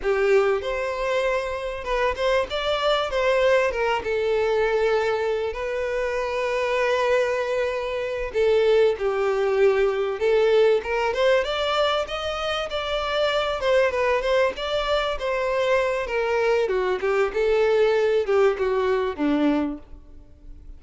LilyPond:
\new Staff \with { instrumentName = "violin" } { \time 4/4 \tempo 4 = 97 g'4 c''2 b'8 c''8 | d''4 c''4 ais'8 a'4.~ | a'4 b'2.~ | b'4. a'4 g'4.~ |
g'8 a'4 ais'8 c''8 d''4 dis''8~ | dis''8 d''4. c''8 b'8 c''8 d''8~ | d''8 c''4. ais'4 fis'8 g'8 | a'4. g'8 fis'4 d'4 | }